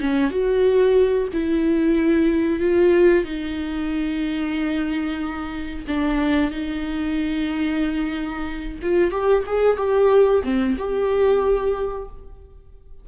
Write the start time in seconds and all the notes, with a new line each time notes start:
0.00 C#4
0.30 F#4
1.33 E4
2.60 F4
3.25 D#4
5.87 D4
6.51 D#4
8.82 F4
9.11 G4
9.46 G#4
9.77 G4
10.44 C4
10.78 G4